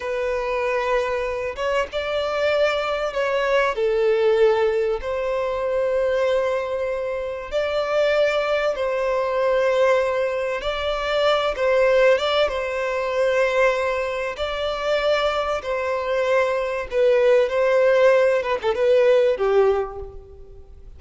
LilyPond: \new Staff \with { instrumentName = "violin" } { \time 4/4 \tempo 4 = 96 b'2~ b'8 cis''8 d''4~ | d''4 cis''4 a'2 | c''1 | d''2 c''2~ |
c''4 d''4. c''4 d''8 | c''2. d''4~ | d''4 c''2 b'4 | c''4. b'16 a'16 b'4 g'4 | }